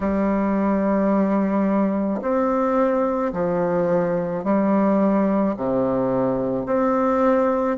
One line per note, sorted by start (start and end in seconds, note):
0.00 2.20 G3
2.21 3.32 C4
3.32 4.43 F3
4.44 5.55 G3
5.57 6.66 C3
6.66 7.77 C4